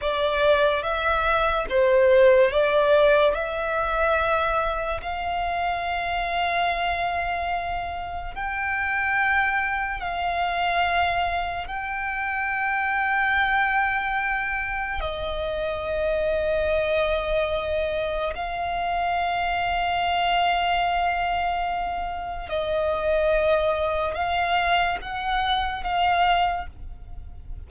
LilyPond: \new Staff \with { instrumentName = "violin" } { \time 4/4 \tempo 4 = 72 d''4 e''4 c''4 d''4 | e''2 f''2~ | f''2 g''2 | f''2 g''2~ |
g''2 dis''2~ | dis''2 f''2~ | f''2. dis''4~ | dis''4 f''4 fis''4 f''4 | }